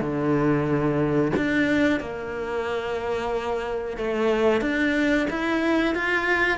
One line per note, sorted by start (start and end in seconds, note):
0.00 1.32 D3
1.36 2.00 D4
2.00 3.97 A#3
3.97 4.61 A3
4.61 5.27 D4
5.30 5.95 E4
5.95 6.58 F4